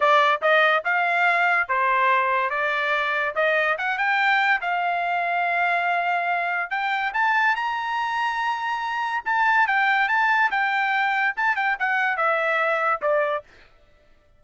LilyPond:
\new Staff \with { instrumentName = "trumpet" } { \time 4/4 \tempo 4 = 143 d''4 dis''4 f''2 | c''2 d''2 | dis''4 fis''8 g''4. f''4~ | f''1 |
g''4 a''4 ais''2~ | ais''2 a''4 g''4 | a''4 g''2 a''8 g''8 | fis''4 e''2 d''4 | }